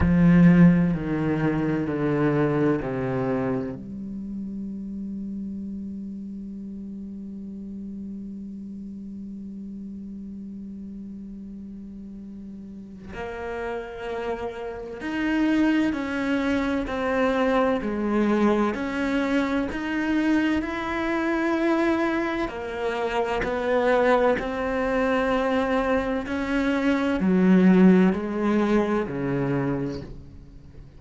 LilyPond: \new Staff \with { instrumentName = "cello" } { \time 4/4 \tempo 4 = 64 f4 dis4 d4 c4 | g1~ | g1~ | g2 ais2 |
dis'4 cis'4 c'4 gis4 | cis'4 dis'4 e'2 | ais4 b4 c'2 | cis'4 fis4 gis4 cis4 | }